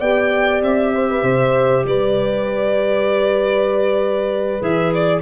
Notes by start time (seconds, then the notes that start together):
0.00 B3 G4 D5 G5
0.62 C4 E5
0.94 C5
1.10 B4
1.22 C3 C5
1.84 G3 B4 D5
4.60 E3 G#4 E5
4.94 D5